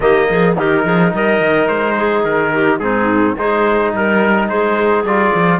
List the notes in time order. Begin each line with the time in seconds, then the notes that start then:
0.00 D#3 A#3 G4 D#5
0.29 F3 G#4
0.57 D#3 D#4 G4 A#4
0.84 F3 G#4
1.13 G3 A#4 D#5
1.40 D#3
1.67 G#3 C5
1.95 G#4
2.24 D#3 A#4
2.52 G4
2.79 G#2 C4 D#4 G#4
3.37 G#3 D#4 G#4 C5
3.93 G3 A#4
4.48 G#3 G#4 C5
5.03 G3 F4 D5
5.34 F3